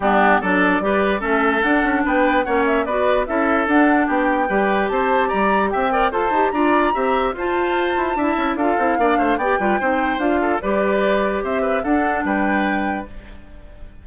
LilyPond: <<
  \new Staff \with { instrumentName = "flute" } { \time 4/4 \tempo 4 = 147 g'4 d''2 e''4 | fis''4 g''4 fis''8 e''8 d''4 | e''4 fis''4 g''2 | a''4 ais''4 g''4 a''4 |
ais''2 a''2~ | a''4 f''2 g''4~ | g''4 f''4 d''2 | e''4 fis''4 g''2 | }
  \new Staff \with { instrumentName = "oboe" } { \time 4/4 d'4 a'4 b'4 a'4~ | a'4 b'4 cis''4 b'4 | a'2 g'4 b'4 | c''4 d''4 e''8 d''8 c''4 |
d''4 e''4 c''2 | e''4 a'4 d''8 c''8 d''8 b'8 | c''4. a'8 b'2 | c''8 b'8 a'4 b'2 | }
  \new Staff \with { instrumentName = "clarinet" } { \time 4/4 b4 d'4 g'4 cis'4 | d'2 cis'4 fis'4 | e'4 d'2 g'4~ | g'2~ g'8 ais'8 a'8 g'8 |
f'4 g'4 f'2 | e'4 f'8 e'8 d'4 g'8 f'8 | dis'4 f'4 g'2~ | g'4 d'2. | }
  \new Staff \with { instrumentName = "bassoon" } { \time 4/4 g4 fis4 g4 a4 | d'8 cis'8 b4 ais4 b4 | cis'4 d'4 b4 g4 | c'4 g4 c'4 f'8 dis'8 |
d'4 c'4 f'4. e'8 | d'8 cis'8 d'8 c'8 ais8 a8 b8 g8 | c'4 d'4 g2 | c'4 d'4 g2 | }
>>